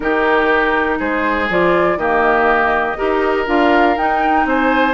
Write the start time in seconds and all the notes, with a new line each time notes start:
0.00 D#3 D#4 G4 A#4
0.98 G#3 G#4 C5
1.49 F3 F4 D5
1.96 D#3 A#3 G4 D#5
2.97 D#4 G4 A#4
3.46 D4 F4 F5
3.97 D#4 G5
4.45 C4 C5 G#5